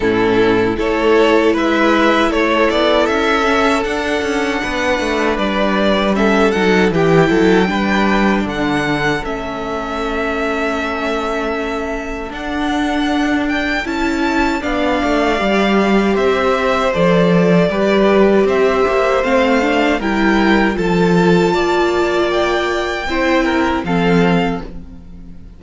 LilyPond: <<
  \new Staff \with { instrumentName = "violin" } { \time 4/4 \tempo 4 = 78 a'4 cis''4 e''4 cis''8 d''8 | e''4 fis''2 d''4 | e''8 fis''8 g''2 fis''4 | e''1 |
fis''4. g''8 a''4 f''4~ | f''4 e''4 d''2 | e''4 f''4 g''4 a''4~ | a''4 g''2 f''4 | }
  \new Staff \with { instrumentName = "violin" } { \time 4/4 e'4 a'4 b'4 a'4~ | a'2 b'2 | a'4 g'8 a'8 b'4 a'4~ | a'1~ |
a'2. d''4~ | d''4 c''2 b'4 | c''2 ais'4 a'4 | d''2 c''8 ais'8 a'4 | }
  \new Staff \with { instrumentName = "viola" } { \time 4/4 cis'4 e'2.~ | e'8 cis'8 d'2. | cis'8 dis'8 e'4 d'2 | cis'1 |
d'2 e'4 d'4 | g'2 a'4 g'4~ | g'4 c'8 d'8 e'4 f'4~ | f'2 e'4 c'4 | }
  \new Staff \with { instrumentName = "cello" } { \time 4/4 a,4 a4 gis4 a8 b8 | cis'4 d'8 cis'8 b8 a8 g4~ | g8 fis8 e8 fis8 g4 d4 | a1 |
d'2 cis'4 b8 a8 | g4 c'4 f4 g4 | c'8 ais8 a4 g4 f4 | ais2 c'4 f4 | }
>>